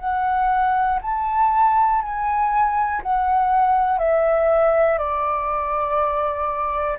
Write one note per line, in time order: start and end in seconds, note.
0.00 1.00 F#5
1.02 2.02 A5
2.02 3.02 G#5
3.03 3.99 F#5
3.99 4.99 E5
4.99 6.99 D5